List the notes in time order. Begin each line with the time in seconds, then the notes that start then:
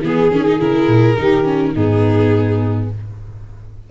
0.00 E3 B3 G#4
0.31 D#3 C#4
0.48 D#4
0.59 C#3 E4 A#4
0.88 A#2
1.17 D#3 D#4 G4
1.44 C#4
1.72 G#2 B3 D#4 G#4